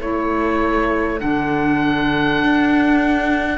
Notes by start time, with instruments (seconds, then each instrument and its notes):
0.00 cello A3, clarinet E4, flute A4, oboe C#5
1.19 cello D3, clarinet D4, oboe F#5
2.43 cello D4